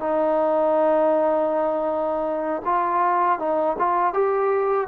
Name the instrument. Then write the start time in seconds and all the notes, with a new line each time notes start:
trombone
0.00 D#4
2.65 F4
3.39 D#4
3.79 F4
4.14 G4